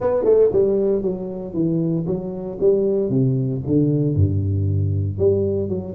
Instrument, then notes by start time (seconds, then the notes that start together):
tuba
0.00 B3
0.24 A3
0.52 G3
1.01 F#3
1.53 E3
2.06 F#3
2.60 G3
3.09 C3
3.66 D3
4.15 G2
5.18 G3
5.68 F#3